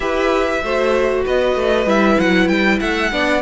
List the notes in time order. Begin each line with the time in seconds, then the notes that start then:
0.00 E4 G4 B4 E5
0.62 A3 F#4 C5
1.24 B3 B4 D#5
1.55 A3
1.85 G3 E4 E5
2.19 F#3 F#5
2.48 G3 G5
2.79 A3 E5 F#5
3.11 B3 D4 D5